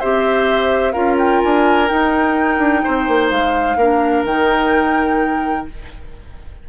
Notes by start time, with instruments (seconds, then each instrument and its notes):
0.00 bassoon C4, clarinet G4, oboe C5, flute E5
0.93 bassoon C#4, clarinet F4, oboe A#4, flute F5
1.19 flute G5
1.41 bassoon D4, flute G#5
1.88 clarinet D#4, bassoon D#4, flute G5
2.58 bassoon D4
2.84 bassoon C4, oboe C5
3.08 bassoon A#3
3.31 bassoon G#3, flute F5
3.77 bassoon A#3, clarinet D4, oboe A#4
4.24 bassoon D#3, clarinet D#4, flute G5